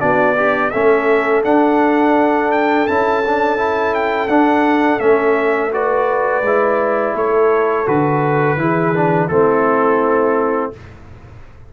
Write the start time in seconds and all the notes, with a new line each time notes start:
0.00 B3 D4 F#4 D5
0.37 D4 G4
0.71 A3 C#4 A4 E5
1.44 D4 F#5
2.52 G5
2.87 C#4 E4 A5
3.27 D4
3.57 E4
3.94 G5
4.28 D4 F#5
5.00 A3 C#4 E5
5.72 F#4 B4 D5
6.42 G#3 E4
7.15 A3 A4 C#5
7.86 D3 F#4 B4
8.57 E3 E4 G#4
8.94 D4
9.28 A3 C4 E4 A4